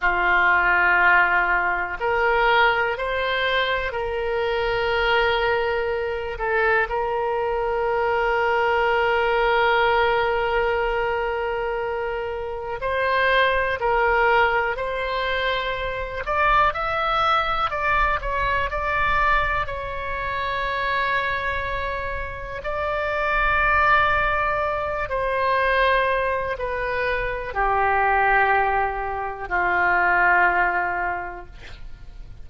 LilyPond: \new Staff \with { instrumentName = "oboe" } { \time 4/4 \tempo 4 = 61 f'2 ais'4 c''4 | ais'2~ ais'8 a'8 ais'4~ | ais'1~ | ais'4 c''4 ais'4 c''4~ |
c''8 d''8 e''4 d''8 cis''8 d''4 | cis''2. d''4~ | d''4. c''4. b'4 | g'2 f'2 | }